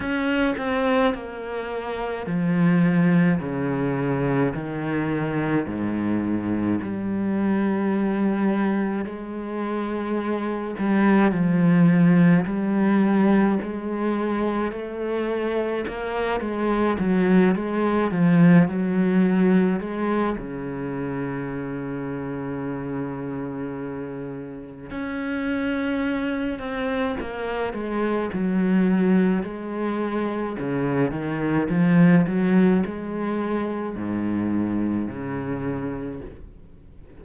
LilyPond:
\new Staff \with { instrumentName = "cello" } { \time 4/4 \tempo 4 = 53 cis'8 c'8 ais4 f4 cis4 | dis4 gis,4 g2 | gis4. g8 f4 g4 | gis4 a4 ais8 gis8 fis8 gis8 |
f8 fis4 gis8 cis2~ | cis2 cis'4. c'8 | ais8 gis8 fis4 gis4 cis8 dis8 | f8 fis8 gis4 gis,4 cis4 | }